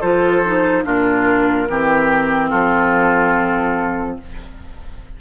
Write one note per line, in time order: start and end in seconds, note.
0.00 0.85 F3
0.00 0.43 F4
0.00 0.83 A4
0.00 0.84 C5
0.45 0.84 D#4
0.84 1.69 A#2
0.84 1.67 D4
0.84 1.69 F4
0.84 2.50 A#4
1.70 2.53 E3
1.70 4.20 C4
1.70 2.49 G4
2.49 4.19 F3
2.49 4.16 F4
2.49 4.17 A4